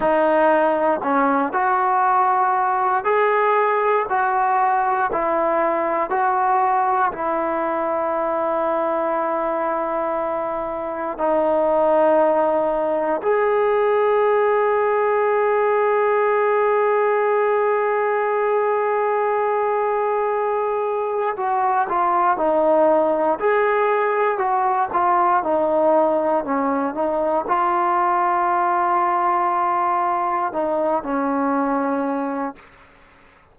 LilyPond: \new Staff \with { instrumentName = "trombone" } { \time 4/4 \tempo 4 = 59 dis'4 cis'8 fis'4. gis'4 | fis'4 e'4 fis'4 e'4~ | e'2. dis'4~ | dis'4 gis'2.~ |
gis'1~ | gis'4 fis'8 f'8 dis'4 gis'4 | fis'8 f'8 dis'4 cis'8 dis'8 f'4~ | f'2 dis'8 cis'4. | }